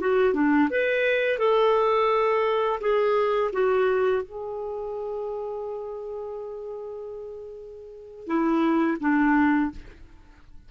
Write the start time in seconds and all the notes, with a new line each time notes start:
0.00 F#4
0.34 D4
0.70 B4
1.38 A4
2.80 G#4
3.52 F#4
4.23 G#4
8.27 E4
9.00 D4